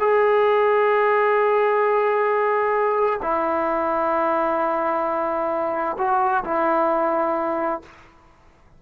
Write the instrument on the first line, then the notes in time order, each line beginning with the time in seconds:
trombone
0.00 G#4
3.22 E4
5.98 F#4
6.45 E4